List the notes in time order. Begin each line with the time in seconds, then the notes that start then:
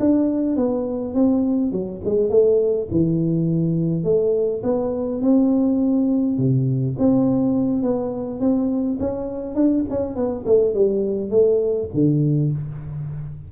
0.00 D4
0.56 B3
1.14 C4
1.72 F#3
2.04 G#3
2.30 A3
2.91 E3
4.04 A3
4.63 B3
5.22 C4
6.38 C3
6.99 C4
7.83 B3
8.40 C4
9.00 C#4
9.55 D4
9.90 C#4
10.16 B3
10.46 A3
10.74 G3
11.30 A3
11.94 D3